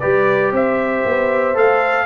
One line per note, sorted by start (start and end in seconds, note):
0.00 0.52 G3
0.00 1.55 G4
0.00 0.53 B4
0.00 0.52 D5
0.52 1.04 C4
0.52 2.06 C5
0.52 1.57 E5
1.06 1.56 B3
1.55 2.06 A3
1.55 2.06 A4
1.55 2.06 F5